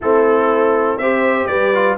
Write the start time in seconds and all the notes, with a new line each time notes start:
0.01 A3 C4 E4 A4
0.98 C4 G4 C5 E5
1.46 G3 B4 D5
1.74 F4